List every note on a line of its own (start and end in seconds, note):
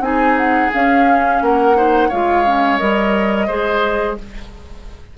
0.00 0.69 C4
0.00 0.71 D#4
0.00 1.43 G#4
0.00 0.37 G#5
0.37 0.72 F#5
0.73 1.75 C#4
0.73 1.41 C#4
0.73 1.42 F5
1.41 2.10 A#3
1.41 1.77 A#4
1.41 2.10 F#5
1.75 2.10 D#4
1.75 2.09 C5
2.09 2.80 G#3
2.09 2.46 F4
2.09 3.47 C#5
2.09 2.78 F5
2.46 2.79 C#4
2.78 3.49 G3
2.78 3.48 A#4
2.78 4.16 D#5
3.47 4.18 G#3
3.47 4.18 G#4
3.47 4.16 C5